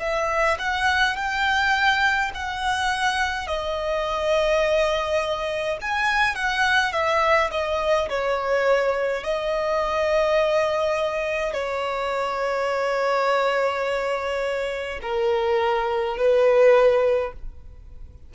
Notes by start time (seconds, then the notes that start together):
0.00 E5
0.59 F#5
1.16 G5
2.34 F#5
3.48 D#5
5.81 G#5
6.36 F#5
6.93 E5
7.52 D#5
8.09 C#5
9.24 D#5
11.53 C#5
15.02 A#4
16.17 B4